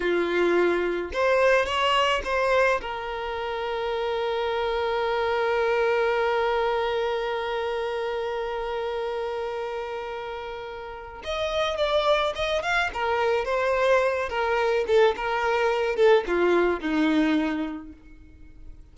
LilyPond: \new Staff \with { instrumentName = "violin" } { \time 4/4 \tempo 4 = 107 f'2 c''4 cis''4 | c''4 ais'2.~ | ais'1~ | ais'1~ |
ais'1 | dis''4 d''4 dis''8 f''8 ais'4 | c''4. ais'4 a'8 ais'4~ | ais'8 a'8 f'4 dis'2 | }